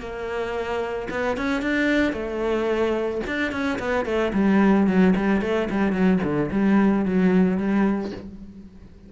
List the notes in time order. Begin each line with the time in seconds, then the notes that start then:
0.00 A#3
1.10 B3
1.37 C#4
1.62 D4
2.13 A3
3.27 D4
3.52 C#4
3.79 B3
4.05 A3
4.33 G3
4.87 F#3
5.16 G3
5.42 A3
5.70 G3
5.92 F#3
6.23 D3
6.51 G3
7.05 F#3
7.57 G3